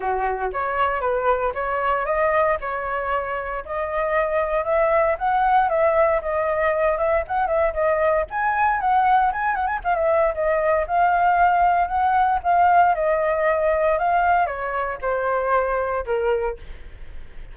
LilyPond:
\new Staff \with { instrumentName = "flute" } { \time 4/4 \tempo 4 = 116 fis'4 cis''4 b'4 cis''4 | dis''4 cis''2 dis''4~ | dis''4 e''4 fis''4 e''4 | dis''4. e''8 fis''8 e''8 dis''4 |
gis''4 fis''4 gis''8 fis''16 gis''16 f''16 e''8. | dis''4 f''2 fis''4 | f''4 dis''2 f''4 | cis''4 c''2 ais'4 | }